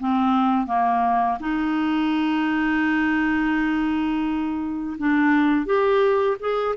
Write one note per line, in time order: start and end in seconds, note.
0.00 0.67 C4
0.67 1.38 A#3
1.40 4.97 D#4
4.98 5.66 D4
5.66 6.37 G4
6.40 6.75 G#4